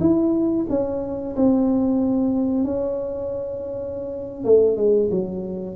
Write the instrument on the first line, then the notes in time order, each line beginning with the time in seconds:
tuba
0.00 E4
0.70 C#4
1.36 C4
2.64 C#4
4.44 A3
4.77 G#3
5.11 F#3